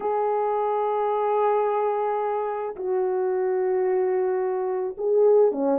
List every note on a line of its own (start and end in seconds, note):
0.00 2.75 G#4
2.75 4.96 F#4
4.97 5.51 G#4
5.51 5.78 C#4